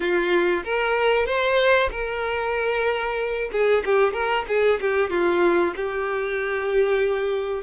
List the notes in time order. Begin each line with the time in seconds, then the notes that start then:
0.00 F4
0.64 A#4
1.26 C5
1.91 A#4
3.51 G#4
3.85 G4
4.13 A#4
4.48 G#4
4.80 G4
5.09 F4
5.76 G4